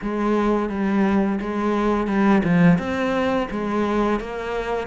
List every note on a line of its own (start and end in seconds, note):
0.02 0.69 G#3
0.69 1.39 G3
1.40 2.07 G#3
2.07 2.42 G3
2.44 2.78 F3
2.78 3.48 C4
3.51 4.20 G#3
4.20 4.87 A#3